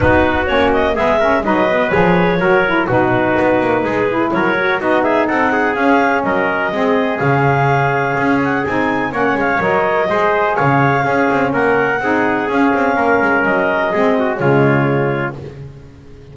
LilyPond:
<<
  \new Staff \with { instrumentName = "clarinet" } { \time 4/4 \tempo 4 = 125 b'4 cis''8 dis''8 e''4 dis''4 | cis''2 b'2~ | b'4 cis''4 dis''8 e''8 fis''4 | f''4 dis''2 f''4~ |
f''4. fis''8 gis''4 fis''8 f''8 | dis''2 f''2 | fis''2 f''2 | dis''2 cis''2 | }
  \new Staff \with { instrumentName = "trumpet" } { \time 4/4 fis'2 gis'8 ais'8 b'4~ | b'4 ais'4 fis'2 | gis'4 ais'4 fis'8 gis'8 a'8 gis'8~ | gis'4 ais'4 gis'2~ |
gis'2. cis''4~ | cis''4 c''4 cis''4 gis'4 | ais'4 gis'2 ais'4~ | ais'4 gis'8 fis'8 f'2 | }
  \new Staff \with { instrumentName = "saxophone" } { \time 4/4 dis'4 cis'4 b8 cis'8 dis'8 b8 | gis'4 fis'8 e'8 dis'2~ | dis'8 e'4 fis'8 dis'2 | cis'2 c'4 cis'4~ |
cis'2 dis'4 cis'4 | ais'4 gis'2 cis'4~ | cis'4 dis'4 cis'2~ | cis'4 c'4 gis2 | }
  \new Staff \with { instrumentName = "double bass" } { \time 4/4 b4 ais4 gis4 fis4 | f4 fis4 b,4 b8 ais8 | gis4 fis4 b4 c'4 | cis'4 fis4 gis4 cis4~ |
cis4 cis'4 c'4 ais8 gis8 | fis4 gis4 cis4 cis'8 c'8 | ais4 c'4 cis'8 c'8 ais8 gis8 | fis4 gis4 cis2 | }
>>